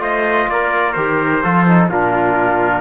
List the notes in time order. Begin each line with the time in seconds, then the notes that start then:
0.00 A3 F4 C5 D#5
0.48 A#3 A#4 D5
0.93 D#3 G4 C5
1.43 F3 F4 A4
1.67 D#4
1.89 A#2 D4 F4 A#4